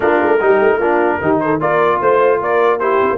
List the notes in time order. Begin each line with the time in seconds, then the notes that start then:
0.00 A#3 D4 F4 A#4
0.21 A3
0.40 G3 D#4 G4
0.60 A3
0.78 A#3 D4 F4
1.21 D#3 D#4 G4
1.40 A4 C5
1.59 A#3 F4 A#4 D5
2.00 A3 C5
2.40 A#3 A#4 D5
2.79 E4 G4 C5
3.02 C4
3.11 A#3